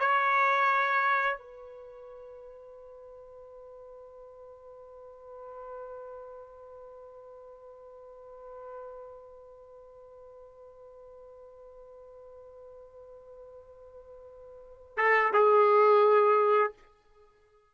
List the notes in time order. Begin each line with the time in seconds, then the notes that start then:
0.00 C#5
1.38 B4
14.97 A4
15.34 G#4